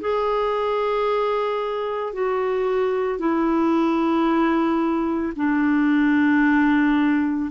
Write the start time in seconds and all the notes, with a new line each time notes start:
0.00 G#4
2.13 F#4
3.19 E4
5.36 D4